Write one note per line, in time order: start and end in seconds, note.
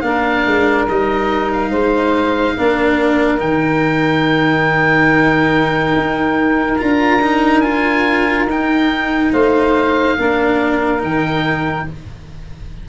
0.00 0.44 A#3
0.00 0.87 D4
0.00 1.70 A#4
0.00 0.85 F5
0.45 0.87 G#3
0.88 1.70 G3
0.88 2.58 D#4
0.88 1.52 D#5
1.52 3.40 F5
1.70 2.54 G#3
1.70 2.54 C5
2.56 3.40 A#3
2.56 3.38 D4
2.56 9.32 A#4
3.38 5.94 D#3
3.38 6.76 D#4
3.38 6.78 G5
5.96 6.80 D#4
6.77 8.45 D4
6.77 7.20 F4
6.77 7.60 A#5
7.21 7.63 D#4
7.60 8.48 F4
7.60 8.44 G#5
8.45 9.30 D#4
8.45 10.18 D#4
8.45 9.33 G5
9.32 10.17 A3
9.32 10.17 C5
9.32 11.02 F5
10.17 11.02 A#3
10.17 10.98 D4
10.17 11.86 A#4
10.98 11.87 D#3
10.98 11.83 D#4
10.98 11.88 G5